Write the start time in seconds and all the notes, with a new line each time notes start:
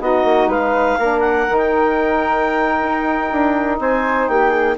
0.00 B3 D#4 F#4 D#5
0.23 A#3
0.47 G#3 B4 F5
0.98 A#3 D4 A#4
1.20 F#5
1.47 D#3 D#4
1.57 G5
2.81 D#4
3.31 D4
3.79 C4 C5 G#5
4.27 A#3 G4 G5
4.50 G#4